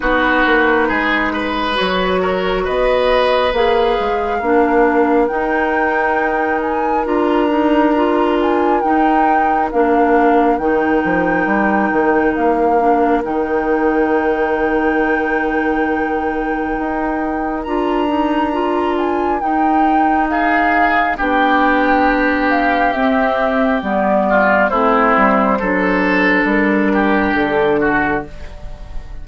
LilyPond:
<<
  \new Staff \with { instrumentName = "flute" } { \time 4/4 \tempo 4 = 68 b'2 cis''4 dis''4 | f''2 g''4. gis''8 | ais''4. gis''8 g''4 f''4 | g''2 f''4 g''4~ |
g''1 | ais''4. gis''8 g''4 f''4 | g''4. f''8 e''4 d''4 | c''2 ais'4 a'4 | }
  \new Staff \with { instrumentName = "oboe" } { \time 4/4 fis'4 gis'8 b'4 ais'8 b'4~ | b'4 ais'2.~ | ais'1~ | ais'1~ |
ais'1~ | ais'2. gis'4 | g'2.~ g'8 f'8 | e'4 a'4. g'4 fis'8 | }
  \new Staff \with { instrumentName = "clarinet" } { \time 4/4 dis'2 fis'2 | gis'4 d'4 dis'2 | f'8 dis'8 f'4 dis'4 d'4 | dis'2~ dis'8 d'8 dis'4~ |
dis'1 | f'8 dis'8 f'4 dis'2 | d'2 c'4 b4 | c'4 d'2. | }
  \new Staff \with { instrumentName = "bassoon" } { \time 4/4 b8 ais8 gis4 fis4 b4 | ais8 gis8 ais4 dis'2 | d'2 dis'4 ais4 | dis8 f8 g8 dis8 ais4 dis4~ |
dis2. dis'4 | d'2 dis'2 | b2 c'4 g4 | a8 g8 fis4 g4 d4 | }
>>